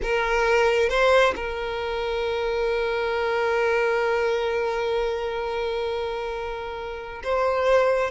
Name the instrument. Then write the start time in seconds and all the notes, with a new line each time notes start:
violin
0.02 A#4
0.89 C5
1.35 A#4
7.23 C5